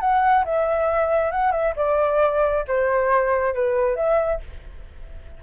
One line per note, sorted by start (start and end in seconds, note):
0.00 0.44 F#5
0.45 1.31 E5
1.31 1.52 F#5
1.52 1.74 E5
1.76 2.65 D5
2.68 3.54 C5
3.54 3.96 B4
3.96 4.40 E5